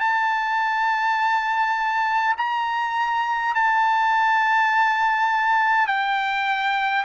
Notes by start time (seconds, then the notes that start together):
0.00 A5
2.37 A#5
3.55 A5
5.87 G5